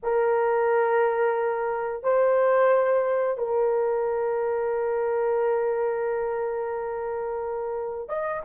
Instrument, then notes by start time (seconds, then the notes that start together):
horn
0.02 A#4
2.03 C5
3.37 A#4
8.08 D#5